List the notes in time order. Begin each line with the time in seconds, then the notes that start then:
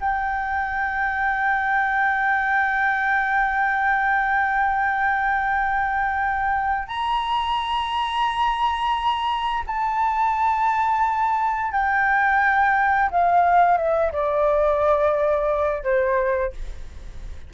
0.00 G5
6.87 A#5
9.66 A5
11.72 G5
13.11 F5
13.77 E5
14.12 D5
15.83 C5